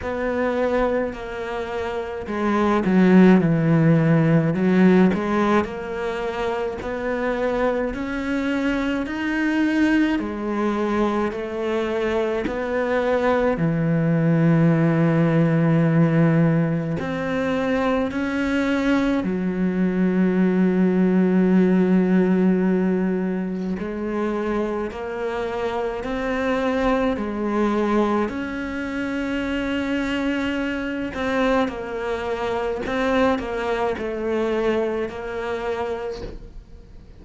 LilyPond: \new Staff \with { instrumentName = "cello" } { \time 4/4 \tempo 4 = 53 b4 ais4 gis8 fis8 e4 | fis8 gis8 ais4 b4 cis'4 | dis'4 gis4 a4 b4 | e2. c'4 |
cis'4 fis2.~ | fis4 gis4 ais4 c'4 | gis4 cis'2~ cis'8 c'8 | ais4 c'8 ais8 a4 ais4 | }